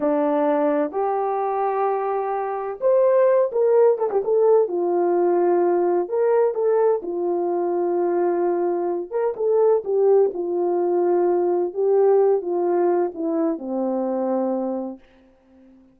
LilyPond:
\new Staff \with { instrumentName = "horn" } { \time 4/4 \tempo 4 = 128 d'2 g'2~ | g'2 c''4. ais'8~ | ais'8 a'16 g'16 a'4 f'2~ | f'4 ais'4 a'4 f'4~ |
f'2.~ f'8 ais'8 | a'4 g'4 f'2~ | f'4 g'4. f'4. | e'4 c'2. | }